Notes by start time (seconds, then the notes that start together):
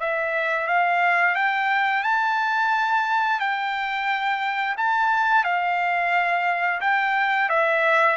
0.00 E5
0.67 F5
1.35 G5
2.03 A5
3.39 G5
4.77 A5
5.44 F5
6.81 G5
7.49 E5